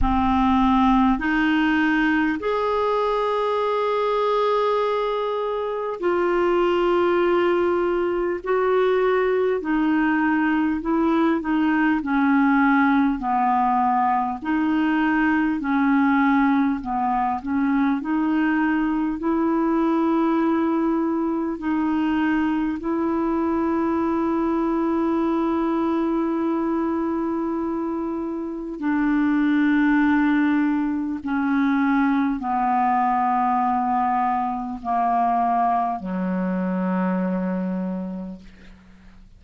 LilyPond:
\new Staff \with { instrumentName = "clarinet" } { \time 4/4 \tempo 4 = 50 c'4 dis'4 gis'2~ | gis'4 f'2 fis'4 | dis'4 e'8 dis'8 cis'4 b4 | dis'4 cis'4 b8 cis'8 dis'4 |
e'2 dis'4 e'4~ | e'1 | d'2 cis'4 b4~ | b4 ais4 fis2 | }